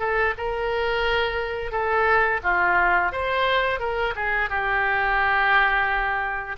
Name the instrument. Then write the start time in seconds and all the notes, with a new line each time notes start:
oboe
0.00 A4
0.38 A#4
1.72 A4
2.43 F4
3.12 C5
3.80 A#4
4.16 G#4
4.50 G4